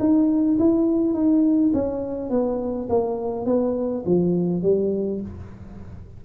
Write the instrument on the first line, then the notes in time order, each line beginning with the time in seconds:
tuba
0.00 D#4
0.59 E4
1.14 D#4
1.74 C#4
2.31 B3
2.90 A#3
3.46 B3
4.06 F3
4.63 G3